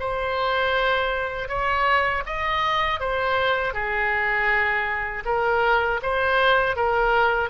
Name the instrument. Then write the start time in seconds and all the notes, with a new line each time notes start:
oboe
0.00 C5
1.49 C#5
2.26 D#5
3.00 C5
3.74 G#4
5.26 A#4
6.02 C5
6.76 A#4